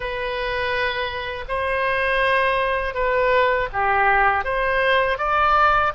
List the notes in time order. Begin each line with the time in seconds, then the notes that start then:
0.00 B4
1.48 C5
2.94 B4
3.72 G4
4.44 C5
5.18 D5